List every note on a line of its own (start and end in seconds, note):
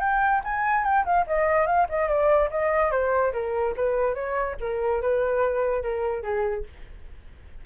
0.00 0.41 G5
0.44 0.84 G#5
0.84 1.05 G5
1.05 1.25 F5
1.27 1.66 D#5
1.66 1.87 F5
1.89 2.08 D#5
2.08 2.49 D5
2.50 2.91 D#5
2.91 3.32 C5
3.33 3.74 A#4
3.76 4.14 B4
4.14 4.56 C#5
4.60 5.01 A#4
5.01 5.82 B4
5.82 6.22 A#4
6.22 6.64 G#4